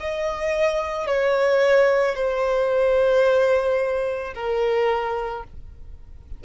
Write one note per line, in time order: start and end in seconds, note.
0.00 1.07 D#5
1.07 2.15 C#5
2.15 4.33 C5
4.34 5.43 A#4